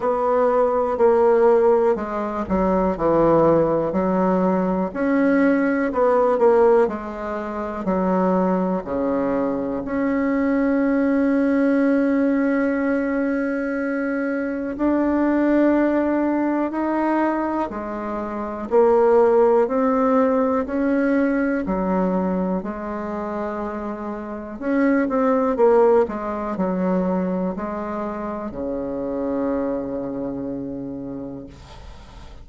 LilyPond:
\new Staff \with { instrumentName = "bassoon" } { \time 4/4 \tempo 4 = 61 b4 ais4 gis8 fis8 e4 | fis4 cis'4 b8 ais8 gis4 | fis4 cis4 cis'2~ | cis'2. d'4~ |
d'4 dis'4 gis4 ais4 | c'4 cis'4 fis4 gis4~ | gis4 cis'8 c'8 ais8 gis8 fis4 | gis4 cis2. | }